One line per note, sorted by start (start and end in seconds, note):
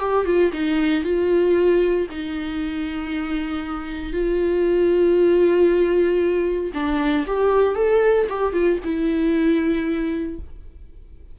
0.00 0.26 G4
0.26 0.52 F4
0.53 1.04 D#4
1.04 2.07 F4
2.11 4.13 D#4
4.13 6.72 F4
6.74 7.26 D4
7.27 7.75 G4
7.75 8.27 A4
8.30 8.53 G4
8.53 8.79 F4
8.84 10.39 E4